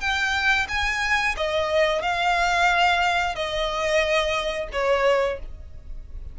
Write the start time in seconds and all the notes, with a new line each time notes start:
0.00 G5
0.68 G#5
1.37 D#5
2.02 F5
3.35 D#5
4.72 C#5